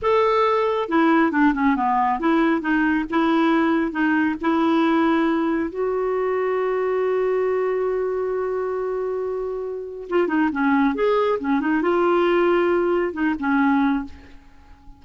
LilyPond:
\new Staff \with { instrumentName = "clarinet" } { \time 4/4 \tempo 4 = 137 a'2 e'4 d'8 cis'8 | b4 e'4 dis'4 e'4~ | e'4 dis'4 e'2~ | e'4 fis'2.~ |
fis'1~ | fis'2. f'8 dis'8 | cis'4 gis'4 cis'8 dis'8 f'4~ | f'2 dis'8 cis'4. | }